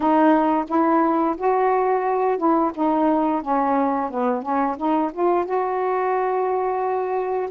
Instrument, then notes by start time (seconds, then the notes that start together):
saxophone
0.00 D#4
0.68 E4
1.37 F#4
2.37 E4
2.74 D#4
3.42 C#4
4.10 B3
4.42 C#4
4.77 D#4
5.12 F4
5.45 F#4